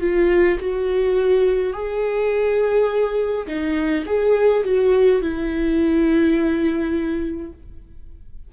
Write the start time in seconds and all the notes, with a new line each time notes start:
0.00 F4
0.59 F#4
1.73 G#4
3.47 D#4
4.06 G#4
4.64 F#4
5.22 E4